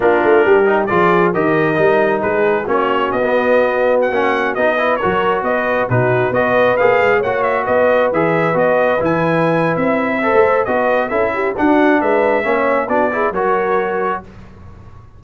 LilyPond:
<<
  \new Staff \with { instrumentName = "trumpet" } { \time 4/4 \tempo 4 = 135 ais'2 d''4 dis''4~ | dis''4 b'4 cis''4 dis''4~ | dis''4 fis''4~ fis''16 dis''4 cis''8.~ | cis''16 dis''4 b'4 dis''4 f''8.~ |
f''16 fis''8 e''8 dis''4 e''4 dis''8.~ | dis''16 gis''4.~ gis''16 e''2 | dis''4 e''4 fis''4 e''4~ | e''4 d''4 cis''2 | }
  \new Staff \with { instrumentName = "horn" } { \time 4/4 f'4 g'4 gis'4 ais'4~ | ais'4 gis'4 fis'2~ | fis'2~ fis'8. b'8 ais'8.~ | ais'16 b'4 fis'4 b'4.~ b'16~ |
b'16 cis''4 b'2~ b'8.~ | b'2. c''4 | b'4 a'8 g'8 fis'4 b'4 | cis''4 fis'8 gis'8 ais'2 | }
  \new Staff \with { instrumentName = "trombone" } { \time 4/4 d'4. dis'8 f'4 g'4 | dis'2 cis'4~ cis'16 b8.~ | b4~ b16 cis'4 dis'8 e'8 fis'8.~ | fis'4~ fis'16 dis'4 fis'4 gis'8.~ |
gis'16 fis'2 gis'4 fis'8.~ | fis'16 e'2~ e'8. a'4 | fis'4 e'4 d'2 | cis'4 d'8 e'8 fis'2 | }
  \new Staff \with { instrumentName = "tuba" } { \time 4/4 ais8 a8 g4 f4 dis4 | g4 gis4 ais4 b4~ | b4~ b16 ais4 b4 fis8.~ | fis16 b4 b,4 b4 ais8 gis16~ |
gis16 ais4 b4 e4 b8.~ | b16 e4.~ e16 c'4~ c'16 a8. | b4 cis'4 d'4 gis4 | ais4 b4 fis2 | }
>>